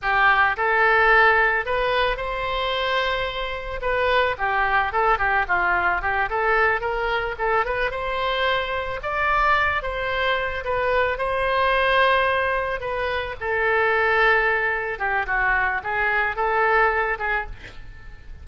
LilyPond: \new Staff \with { instrumentName = "oboe" } { \time 4/4 \tempo 4 = 110 g'4 a'2 b'4 | c''2. b'4 | g'4 a'8 g'8 f'4 g'8 a'8~ | a'8 ais'4 a'8 b'8 c''4.~ |
c''8 d''4. c''4. b'8~ | b'8 c''2. b'8~ | b'8 a'2. g'8 | fis'4 gis'4 a'4. gis'8 | }